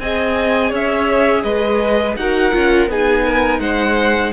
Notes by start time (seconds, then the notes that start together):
0.00 C4 G#4 D#5 G#5
0.69 C#4 C#5 E5
1.43 G#3 B4 D#5
2.17 D#4 F#4 A#4 F#5
2.53 C#4 F4
2.88 B3 D#4 G#4 G#5
3.25 A#4
3.60 G#3 C5 F#5